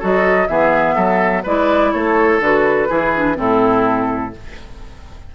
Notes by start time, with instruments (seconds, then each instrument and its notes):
0.00 bassoon F#3, clarinet F#4, oboe A4, flute D#5
0.48 bassoon E3, clarinet B3, oboe G#4, flute E5
0.95 bassoon F#3, oboe A4
1.44 bassoon G#3, clarinet E4, oboe B4, flute D5
1.93 bassoon A3, oboe A4, flute C#5
2.40 bassoon D3, clarinet F#4, flute B4
2.89 bassoon E3, clarinet E4, oboe G#4
3.16 clarinet D4
3.35 bassoon A2, clarinet C4, oboe E4, flute A4